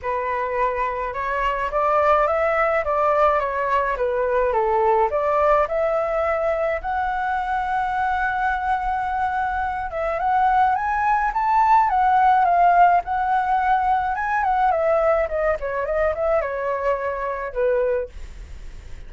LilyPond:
\new Staff \with { instrumentName = "flute" } { \time 4/4 \tempo 4 = 106 b'2 cis''4 d''4 | e''4 d''4 cis''4 b'4 | a'4 d''4 e''2 | fis''1~ |
fis''4. e''8 fis''4 gis''4 | a''4 fis''4 f''4 fis''4~ | fis''4 gis''8 fis''8 e''4 dis''8 cis''8 | dis''8 e''8 cis''2 b'4 | }